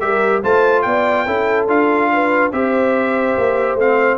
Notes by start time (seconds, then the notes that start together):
0.00 G3 G4 A#4 E5
0.43 A3 F4 C5 A5
0.82 B3 D5 G5
1.26 C#4 E4 A4
1.68 D4 F4 F5
2.12 B4
2.52 C4 G4 C5 E5
3.37 A#3
3.75 A3 C4 F5